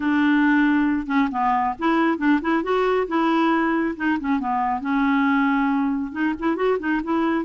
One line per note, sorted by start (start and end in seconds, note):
0.00 1.07 D4
1.07 1.28 C#4
1.31 1.74 B3
1.79 2.18 E4
2.18 2.39 D4
2.41 2.63 E4
2.63 3.07 F#4
3.07 3.95 E4
3.96 4.18 D#4
4.19 4.39 C#4
4.39 4.81 B3
4.81 6.12 C#4
6.12 6.33 D#4
6.39 6.56 E4
6.56 6.78 F#4
6.79 7.01 D#4
7.03 7.44 E4